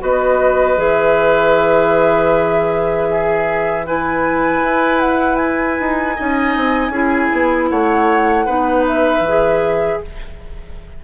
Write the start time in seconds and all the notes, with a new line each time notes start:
0.00 B3 F#4 B4 D#5
0.77 E3 G#4 E5
3.11 G#4
3.87 E4 B4 G#5
4.64 E4
5.00 F#5
5.36 G#5
5.80 D#4
6.16 C#4 D#4 D#5
6.57 C4
6.89 C#4 E4 G#4
7.33 B3
7.70 A3 C#5 F#5
8.46 B3 D#4 B4
8.87 E5
9.20 E3
9.28 G#4